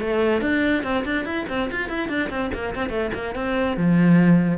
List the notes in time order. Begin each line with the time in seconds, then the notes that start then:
0.00 A3
0.41 D4
0.83 C4
1.05 D4
1.25 E4
1.49 C4
1.71 F4
1.89 E4
2.08 D4
2.29 C4
2.53 A#3
2.75 C4
2.89 A3
3.14 A#3
3.35 C4
3.77 F3